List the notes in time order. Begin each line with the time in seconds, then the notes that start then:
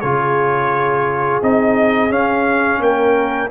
0.00 C#3 F4 G#4 C#5
1.42 C4 D#4 D#5
2.09 C#4 F5
2.79 A#3 A#4 G5